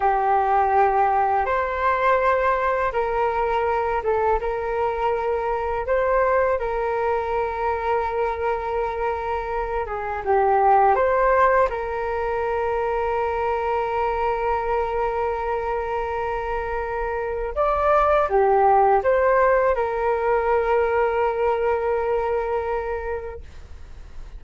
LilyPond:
\new Staff \with { instrumentName = "flute" } { \time 4/4 \tempo 4 = 82 g'2 c''2 | ais'4. a'8 ais'2 | c''4 ais'2.~ | ais'4. gis'8 g'4 c''4 |
ais'1~ | ais'1 | d''4 g'4 c''4 ais'4~ | ais'1 | }